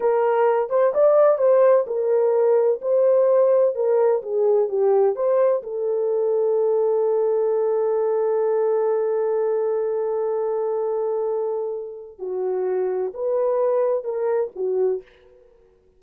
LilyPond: \new Staff \with { instrumentName = "horn" } { \time 4/4 \tempo 4 = 128 ais'4. c''8 d''4 c''4 | ais'2 c''2 | ais'4 gis'4 g'4 c''4 | a'1~ |
a'1~ | a'1~ | a'2 fis'2 | b'2 ais'4 fis'4 | }